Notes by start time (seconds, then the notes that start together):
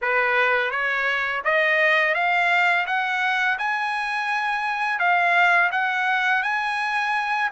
0.01 B4
0.70 C#5
1.44 D#5
2.14 F5
2.86 F#5
3.58 G#5
4.99 F5
5.71 F#5
6.43 G#5